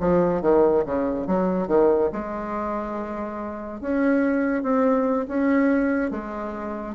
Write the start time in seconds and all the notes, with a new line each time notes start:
0.00 F3
0.42 D#3
0.85 C#3
1.27 F#3
1.68 D#3
2.12 G#3
3.81 C#4
4.63 C4
5.28 C#4
6.11 G#3